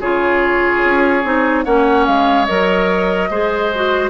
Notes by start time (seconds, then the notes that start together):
0.00 C#3 F4 G#4 C#5
0.84 C#4
1.23 C4 D#4
1.64 A#3 C#4 C#5 F#5
2.05 G#3 F5
2.45 F#3 A#4 D#5
3.30 G#3 G#4 C5
3.74 F#4